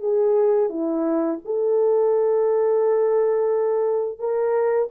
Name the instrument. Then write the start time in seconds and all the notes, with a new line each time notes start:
horn
0.00 G#4
0.70 E4
1.45 A4
4.20 A#4